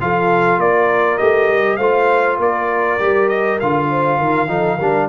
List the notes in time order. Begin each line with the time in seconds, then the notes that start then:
0.00 F3 F4 A4 F5
0.58 A#3 A#4 D5
1.18 A3 G4 D#5
1.49 G3
1.76 A3 F4 C5 F5
2.38 A#3 A#4 D5
2.99 G3 G4
3.28 D#5
3.60 D3 F4 F5
3.89 C5
4.18 D#3 A#4
4.48 F3 D#4 A4
4.76 G3 D4 A#4